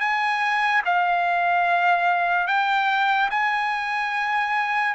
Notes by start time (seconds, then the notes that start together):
0.00 G#5
0.85 F5
2.47 G5
3.30 G#5